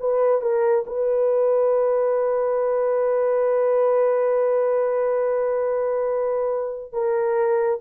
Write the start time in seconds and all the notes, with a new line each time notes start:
0.00 B4
0.42 A#4
0.87 B4
6.93 A#4